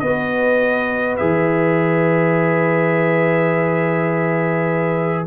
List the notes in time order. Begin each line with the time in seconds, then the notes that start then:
0.00 B3 F#4 B4 D#5
1.17 E3 G#4 E5